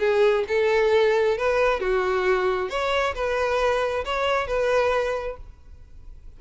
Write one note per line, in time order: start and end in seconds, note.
0.00 0.45 G#4
0.48 1.38 A4
1.38 1.81 B4
1.81 2.70 F#4
2.70 3.15 C#5
3.15 4.05 B4
4.05 4.48 C#5
4.48 5.37 B4